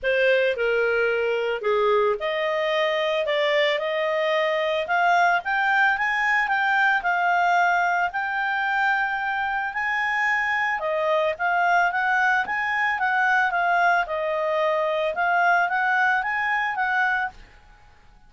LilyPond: \new Staff \with { instrumentName = "clarinet" } { \time 4/4 \tempo 4 = 111 c''4 ais'2 gis'4 | dis''2 d''4 dis''4~ | dis''4 f''4 g''4 gis''4 | g''4 f''2 g''4~ |
g''2 gis''2 | dis''4 f''4 fis''4 gis''4 | fis''4 f''4 dis''2 | f''4 fis''4 gis''4 fis''4 | }